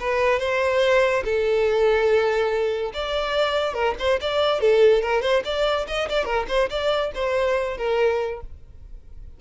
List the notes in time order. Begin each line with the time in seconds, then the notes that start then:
0.00 B4
0.39 C5
1.25 A4
2.94 D5
3.74 A#4
3.99 C5
4.21 D5
4.61 A4
5.02 A#4
5.22 C5
5.45 D5
5.88 D#5
6.09 D5
6.25 A#4
6.48 C5
6.70 D5
7.15 C5
7.78 A#4